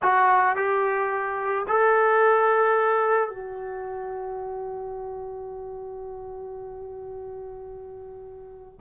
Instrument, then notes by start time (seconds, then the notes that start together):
trombone
0.02 F#4
0.56 G4
1.68 A4
3.29 F#4